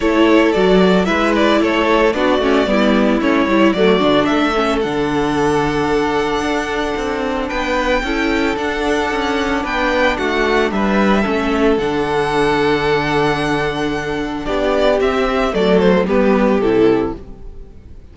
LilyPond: <<
  \new Staff \with { instrumentName = "violin" } { \time 4/4 \tempo 4 = 112 cis''4 d''4 e''8 d''8 cis''4 | d''2 cis''4 d''4 | e''4 fis''2.~ | fis''2 g''2 |
fis''2 g''4 fis''4 | e''2 fis''2~ | fis''2. d''4 | e''4 d''8 c''8 b'4 a'4 | }
  \new Staff \with { instrumentName = "violin" } { \time 4/4 a'2 b'4 a'4 | fis'4 e'2 fis'4 | a'1~ | a'2 b'4 a'4~ |
a'2 b'4 fis'4 | b'4 a'2.~ | a'2. g'4~ | g'4 a'4 g'2 | }
  \new Staff \with { instrumentName = "viola" } { \time 4/4 e'4 fis'4 e'2 | d'8 cis'8 b4 cis'8 e'8 a8 d'8~ | d'8 cis'8 d'2.~ | d'2. e'4 |
d'1~ | d'4 cis'4 d'2~ | d'1 | c'4 a4 b4 e'4 | }
  \new Staff \with { instrumentName = "cello" } { \time 4/4 a4 fis4 gis4 a4 | b8 a8 g4 a8 g8 fis8 d8 | a4 d2. | d'4 c'4 b4 cis'4 |
d'4 cis'4 b4 a4 | g4 a4 d2~ | d2. b4 | c'4 fis4 g4 c4 | }
>>